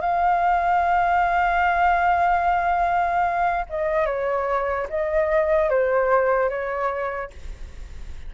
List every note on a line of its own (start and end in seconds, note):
0.00 3.65 F5
3.69 4.05 D#5
4.05 4.86 C#5
4.89 5.69 D#5
5.69 6.49 C5
6.49 7.30 C#5